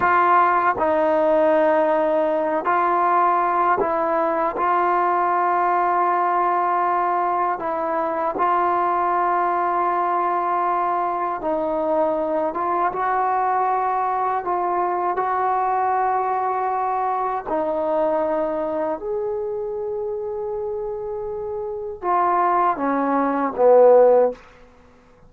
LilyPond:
\new Staff \with { instrumentName = "trombone" } { \time 4/4 \tempo 4 = 79 f'4 dis'2~ dis'8 f'8~ | f'4 e'4 f'2~ | f'2 e'4 f'4~ | f'2. dis'4~ |
dis'8 f'8 fis'2 f'4 | fis'2. dis'4~ | dis'4 gis'2.~ | gis'4 f'4 cis'4 b4 | }